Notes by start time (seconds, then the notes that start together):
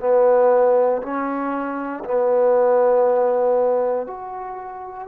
0.00 B3
1.02 C#4
2.05 B3
4.07 F#4